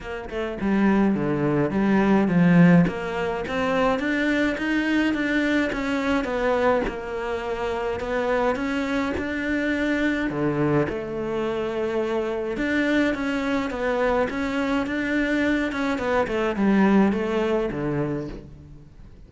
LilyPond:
\new Staff \with { instrumentName = "cello" } { \time 4/4 \tempo 4 = 105 ais8 a8 g4 d4 g4 | f4 ais4 c'4 d'4 | dis'4 d'4 cis'4 b4 | ais2 b4 cis'4 |
d'2 d4 a4~ | a2 d'4 cis'4 | b4 cis'4 d'4. cis'8 | b8 a8 g4 a4 d4 | }